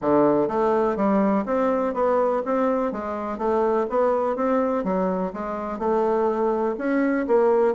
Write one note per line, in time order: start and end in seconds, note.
0.01 0.48 D3
0.48 0.96 A3
0.96 1.44 G3
1.45 1.94 C4
1.94 2.42 B3
2.45 2.92 C4
2.92 3.38 G#3
3.38 3.86 A3
3.89 4.35 B3
4.35 4.84 C4
4.84 5.32 F#3
5.33 5.78 G#3
5.78 6.75 A3
6.78 7.26 C#4
7.27 7.74 A#3